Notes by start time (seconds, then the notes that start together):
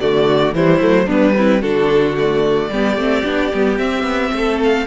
0.00 D3 A3 F#4 D5
0.53 E3 G3 E4 C5
0.79 F#3 A3
1.06 G3 B3 D4 B4
1.37 C4 E4
1.61 D3 D4 F#4 A4
2.17 A3 D5
2.69 G3 B3 G4
2.96 A3 C4
3.24 B3 D4
3.53 G3 B3
3.78 C4 E5
4.03 B3
4.32 A3 A4
4.63 F5